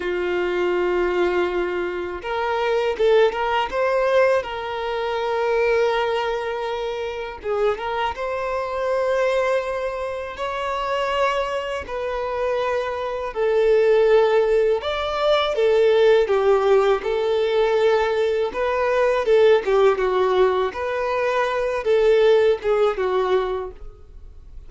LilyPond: \new Staff \with { instrumentName = "violin" } { \time 4/4 \tempo 4 = 81 f'2. ais'4 | a'8 ais'8 c''4 ais'2~ | ais'2 gis'8 ais'8 c''4~ | c''2 cis''2 |
b'2 a'2 | d''4 a'4 g'4 a'4~ | a'4 b'4 a'8 g'8 fis'4 | b'4. a'4 gis'8 fis'4 | }